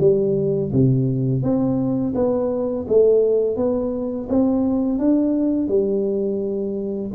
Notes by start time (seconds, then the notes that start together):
0.00 G3
0.72 C3
1.43 C4
2.15 B3
2.88 A3
3.56 B3
4.29 C4
4.98 D4
5.68 G3